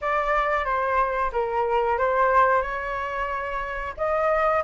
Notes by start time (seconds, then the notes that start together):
0.01 D5
0.64 C5
1.32 A#4
1.98 C5
2.62 C#5
3.97 D#5